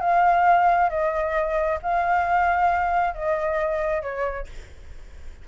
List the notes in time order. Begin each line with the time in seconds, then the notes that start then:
0.00 F5
0.89 D#5
1.82 F5
3.14 D#5
4.02 C#5